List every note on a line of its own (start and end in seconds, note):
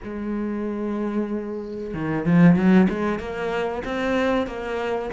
0.03 1.94 G#3
1.94 2.25 D#3
2.25 2.55 F3
2.55 2.87 F#3
2.89 3.19 G#3
3.19 3.83 A#3
3.84 4.47 C4
4.47 5.10 A#3